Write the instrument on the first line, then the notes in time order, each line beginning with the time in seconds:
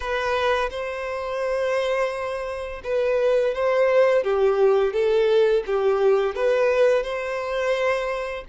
violin
0.00 B4
0.70 C5
2.83 B4
3.54 C5
4.23 G4
4.93 A4
5.66 G4
6.35 B4
7.03 C5